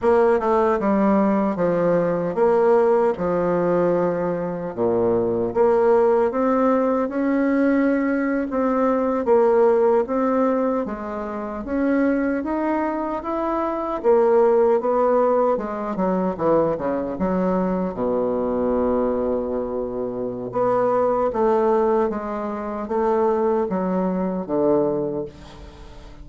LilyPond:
\new Staff \with { instrumentName = "bassoon" } { \time 4/4 \tempo 4 = 76 ais8 a8 g4 f4 ais4 | f2 ais,4 ais4 | c'4 cis'4.~ cis'16 c'4 ais16~ | ais8. c'4 gis4 cis'4 dis'16~ |
dis'8. e'4 ais4 b4 gis16~ | gis16 fis8 e8 cis8 fis4 b,4~ b,16~ | b,2 b4 a4 | gis4 a4 fis4 d4 | }